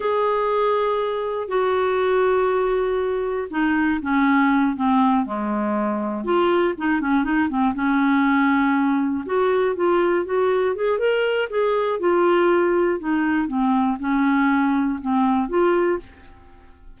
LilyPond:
\new Staff \with { instrumentName = "clarinet" } { \time 4/4 \tempo 4 = 120 gis'2. fis'4~ | fis'2. dis'4 | cis'4. c'4 gis4.~ | gis8 f'4 dis'8 cis'8 dis'8 c'8 cis'8~ |
cis'2~ cis'8 fis'4 f'8~ | f'8 fis'4 gis'8 ais'4 gis'4 | f'2 dis'4 c'4 | cis'2 c'4 f'4 | }